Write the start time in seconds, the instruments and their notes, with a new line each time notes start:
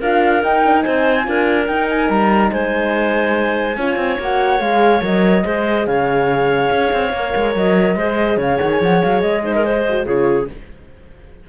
0.00 cello D4, horn F4, clarinet A#4, flute F5
0.43 horn D#4, cello D#4, flute G5
0.65 horn D4
0.75 horn D#4
0.82 cello C4, clarinet C5, flute G#5
1.24 cello D4, horn F4, clarinet A#4
1.67 cello D#4, horn D#4, flute G5
1.90 flute G#5
2.09 cello G3, flute A#5
2.51 cello G#3, clarinet C5, flute G#5
3.77 cello C#4, horn F4, clarinet C#5
3.96 cello C4
4.20 cello A#3, horn F#4, flute F#5
4.60 cello G#3, horn G#4, flute F5
5.01 cello F#3, horn A#4, flute D#5
5.44 cello G#3, horn G#4, clarinet C5
5.87 cello C#3, clarinet C#5, flute F5
6.71 cello C#4
6.93 cello C4
7.13 cello A#3, horn A#4
7.36 cello G#3
7.55 cello F#3, flute D#5
7.96 cello G#3, horn G#4, clarinet C5
8.37 cello C#3, clarinet C#5, flute F5
8.59 cello D#3, flute F#5
8.71 flute G#5
8.82 cello F3, flute F#5
9.03 cello F#3, flute F5
9.21 cello G#3, flute D#5
9.43 horn D#4, clarinet C5
9.56 clarinet A#4
9.65 horn G#4, clarinet C5
9.89 horn F#4
10.06 cello C#3, horn F4, clarinet G#4, flute C#5